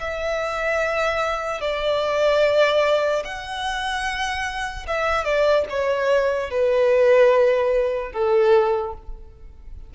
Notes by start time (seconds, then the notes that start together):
0.00 E5
1.61 D5
3.24 F#5
4.87 E5
5.24 D5
5.70 C#5
6.50 B4
8.13 A4